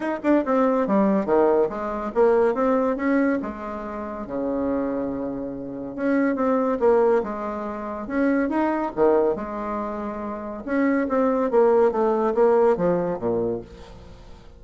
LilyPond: \new Staff \with { instrumentName = "bassoon" } { \time 4/4 \tempo 4 = 141 dis'8 d'8 c'4 g4 dis4 | gis4 ais4 c'4 cis'4 | gis2 cis2~ | cis2 cis'4 c'4 |
ais4 gis2 cis'4 | dis'4 dis4 gis2~ | gis4 cis'4 c'4 ais4 | a4 ais4 f4 ais,4 | }